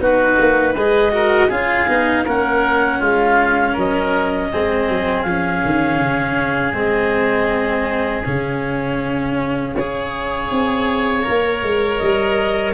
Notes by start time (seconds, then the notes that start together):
0.00 B3 D#4 F#4 B4
0.40 A#3
0.75 G#3 G#4 B4 D#5
1.12 F#4 A#4
1.49 C#4 F4 G#4 F5
1.88 B3 D#4
2.25 A#3 C#4 A#4 F#5
3.00 G#3 F4 F5
3.73 F#3 A#4 D#5
4.53 G#3 C4 G#4
4.89 F#3
5.23 F3 F5
5.29 C#4
5.65 D#3
6.00 C#3
6.73 G#3 C4 D#5
8.24 C#3 C#4 F5
9.76 C#4 G#4 C#5
10.51 C4
11.24 A#3 A#4
11.64 G#3
11.98 G3 D#5